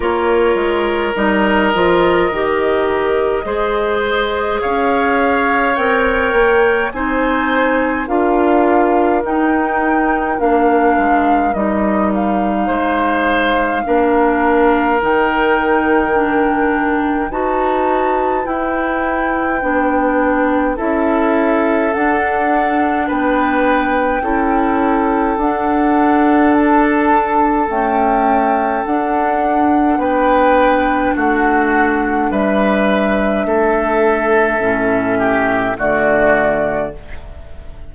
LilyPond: <<
  \new Staff \with { instrumentName = "flute" } { \time 4/4 \tempo 4 = 52 cis''4 dis''2. | f''4 g''4 gis''4 f''4 | g''4 f''4 dis''8 f''4.~ | f''4 g''2 a''4 |
g''2 e''4 fis''4 | g''2 fis''4 a''4 | g''4 fis''4 g''4 fis''4 | e''2. d''4 | }
  \new Staff \with { instrumentName = "oboe" } { \time 4/4 ais'2. c''4 | cis''2 c''4 ais'4~ | ais'2. c''4 | ais'2. b'4~ |
b'2 a'2 | b'4 a'2.~ | a'2 b'4 fis'4 | b'4 a'4. g'8 fis'4 | }
  \new Staff \with { instrumentName = "clarinet" } { \time 4/4 f'4 dis'8 f'8 g'4 gis'4~ | gis'4 ais'4 dis'4 f'4 | dis'4 d'4 dis'2 | d'4 dis'4 d'4 fis'4 |
e'4 d'4 e'4 d'4~ | d'4 e'4 d'2 | a4 d'2.~ | d'2 cis'4 a4 | }
  \new Staff \with { instrumentName = "bassoon" } { \time 4/4 ais8 gis8 g8 f8 dis4 gis4 | cis'4 c'8 ais8 c'4 d'4 | dis'4 ais8 gis8 g4 gis4 | ais4 dis2 dis'4 |
e'4 b4 cis'4 d'4 | b4 cis'4 d'2 | cis'4 d'4 b4 a4 | g4 a4 a,4 d4 | }
>>